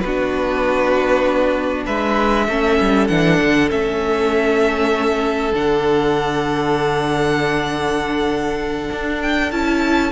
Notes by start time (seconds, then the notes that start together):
0.00 B3 D4 F#4 B4
1.86 G#3 B4 E5
2.48 A3 C#4 A4
2.81 G3
3.08 E3 D4 F#5
3.42 D3
3.70 A3 C#4 E5
5.53 D3 D4 F#5
8.92 D4
9.22 G5
9.52 C#4 E4 A5